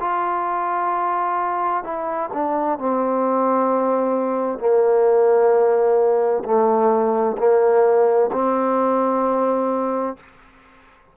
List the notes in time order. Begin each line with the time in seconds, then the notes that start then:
0.00 F4
1.84 E4
2.33 D4
2.79 C4
4.59 A#3
6.44 A3
7.38 A#3
8.32 C4